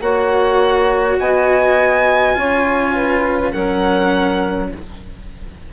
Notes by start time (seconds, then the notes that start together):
0.00 A#3 F#4 C#5 F#5
1.19 B3 D#5 G#5
2.34 C#4 F4 C#5
2.94 B4
3.51 F#3 C#4 A#4 F#5